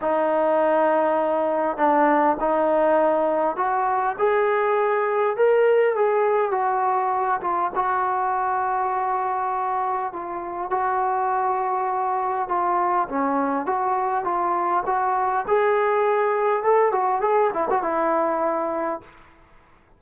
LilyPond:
\new Staff \with { instrumentName = "trombone" } { \time 4/4 \tempo 4 = 101 dis'2. d'4 | dis'2 fis'4 gis'4~ | gis'4 ais'4 gis'4 fis'4~ | fis'8 f'8 fis'2.~ |
fis'4 f'4 fis'2~ | fis'4 f'4 cis'4 fis'4 | f'4 fis'4 gis'2 | a'8 fis'8 gis'8 e'16 fis'16 e'2 | }